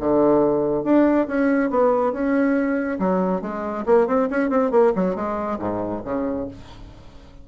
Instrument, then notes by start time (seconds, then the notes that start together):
bassoon
0.00 D3
0.84 D4
1.27 C#4
1.70 B3
2.12 C#4
2.99 F#3
3.41 G#3
3.86 A#3
4.07 C4
4.30 C#4
4.50 C4
4.71 A#3
4.96 F#3
5.16 G#3
5.59 G#2
6.05 C#3